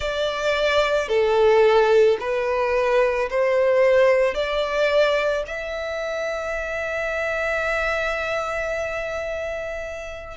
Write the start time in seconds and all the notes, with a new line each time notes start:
0.00 D5
1.08 A4
2.20 B4
3.30 C5
4.34 D5
5.46 E5